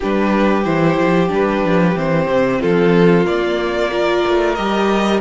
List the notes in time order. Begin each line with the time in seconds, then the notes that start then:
0.00 G3 D4 G4 B4
0.63 E3 E4 C5
0.98 F3
1.28 G3 D4
1.34 B4
1.64 F3
1.95 E3 C4 C5
2.26 C3
2.60 F3 F4 A4
3.26 A#3 D5
3.90 F4 A#4
4.27 A3
4.54 G3 G4 D#5